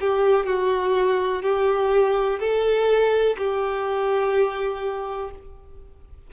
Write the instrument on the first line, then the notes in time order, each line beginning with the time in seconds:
violin
0.00 G4
0.46 F#4
1.42 G4
2.39 A4
3.37 G4